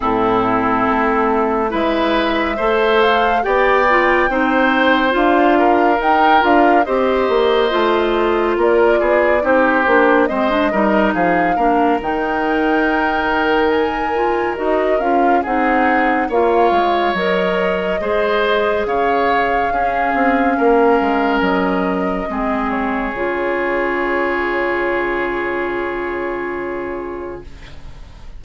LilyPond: <<
  \new Staff \with { instrumentName = "flute" } { \time 4/4 \tempo 4 = 70 a'2 e''4. f''8 | g''2 f''4 g''8 f''8 | dis''2 d''4 c''4 | dis''4 f''4 g''2 |
gis''4 dis''8 f''8 fis''4 f''4 | dis''2 f''2~ | f''4 dis''4. cis''4.~ | cis''1 | }
  \new Staff \with { instrumentName = "oboe" } { \time 4/4 e'2 b'4 c''4 | d''4 c''4. ais'4. | c''2 ais'8 gis'8 g'4 | c''8 ais'8 gis'8 ais'2~ ais'8~ |
ais'2 gis'4 cis''4~ | cis''4 c''4 cis''4 gis'4 | ais'2 gis'2~ | gis'1 | }
  \new Staff \with { instrumentName = "clarinet" } { \time 4/4 c'2 e'4 a'4 | g'8 f'8 dis'4 f'4 dis'8 f'8 | g'4 f'2 dis'8 d'8 | c'16 d'16 dis'4 d'8 dis'2~ |
dis'8 f'8 fis'8 f'8 dis'4 f'4 | ais'4 gis'2 cis'4~ | cis'2 c'4 f'4~ | f'1 | }
  \new Staff \with { instrumentName = "bassoon" } { \time 4/4 a,4 a4 gis4 a4 | b4 c'4 d'4 dis'8 d'8 | c'8 ais8 a4 ais8 b8 c'8 ais8 | gis8 g8 f8 ais8 dis2~ |
dis4 dis'8 cis'8 c'4 ais8 gis8 | fis4 gis4 cis4 cis'8 c'8 | ais8 gis8 fis4 gis4 cis4~ | cis1 | }
>>